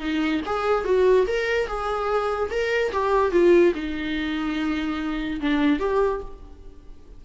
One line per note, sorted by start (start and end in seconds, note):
0.00 0.41 D#4
0.46 0.85 G#4
0.85 1.26 F#4
1.27 1.67 A#4
1.67 2.50 G#4
2.51 2.92 A#4
2.93 3.32 G4
3.32 3.73 F4
3.75 5.41 D#4
5.41 5.80 D4
5.80 6.21 G4